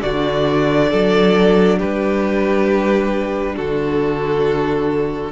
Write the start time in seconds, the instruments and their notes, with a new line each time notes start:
0.00 cello D3, viola D4, violin F#4 D5
0.90 cello F#3, violin A4
1.78 cello G3, violin G4 B4
3.56 cello D3, violin F#4 A4